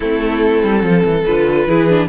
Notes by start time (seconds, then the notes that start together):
0.00 A3 C4 E4 A4
0.63 G3
0.83 F3 A4
1.04 E3
1.25 D3 F4 B4
1.66 E3 E4 G#4
1.89 D4